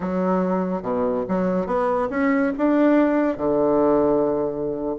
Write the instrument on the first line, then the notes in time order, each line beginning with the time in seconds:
bassoon
0.00 F#3
0.82 B2
1.28 F#3
1.66 B3
2.10 C#4
2.57 D4
3.37 D3